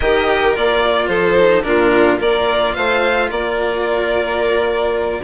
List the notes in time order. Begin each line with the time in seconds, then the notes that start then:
0.00 D#3 G4 A#4 D#5
0.54 A#3 F4 D5
1.07 F3 A4 C5
1.38 D#4
1.62 A#2 D4 F4 A#4
2.17 A#3 F4 A#4 D5
2.74 A3 C5 F5
3.30 A#3 A#4 D5